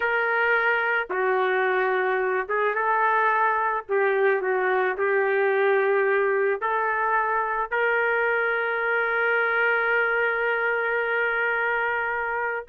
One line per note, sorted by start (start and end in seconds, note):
0.00 1.08 A#4
1.10 2.47 F#4
2.48 2.74 G#4
2.74 3.85 A4
3.88 4.41 G4
4.41 4.96 F#4
4.97 6.61 G4
6.61 7.71 A4
7.71 12.66 A#4